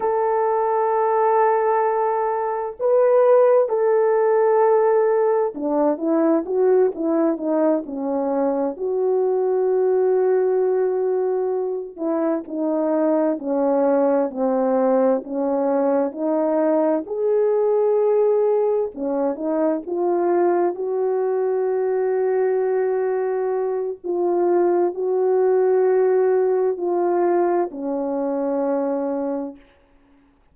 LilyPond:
\new Staff \with { instrumentName = "horn" } { \time 4/4 \tempo 4 = 65 a'2. b'4 | a'2 d'8 e'8 fis'8 e'8 | dis'8 cis'4 fis'2~ fis'8~ | fis'4 e'8 dis'4 cis'4 c'8~ |
c'8 cis'4 dis'4 gis'4.~ | gis'8 cis'8 dis'8 f'4 fis'4.~ | fis'2 f'4 fis'4~ | fis'4 f'4 cis'2 | }